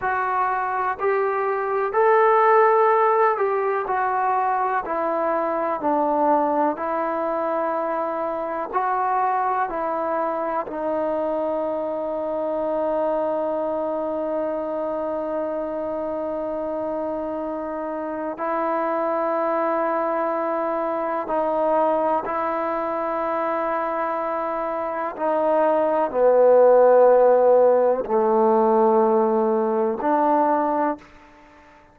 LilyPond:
\new Staff \with { instrumentName = "trombone" } { \time 4/4 \tempo 4 = 62 fis'4 g'4 a'4. g'8 | fis'4 e'4 d'4 e'4~ | e'4 fis'4 e'4 dis'4~ | dis'1~ |
dis'2. e'4~ | e'2 dis'4 e'4~ | e'2 dis'4 b4~ | b4 a2 d'4 | }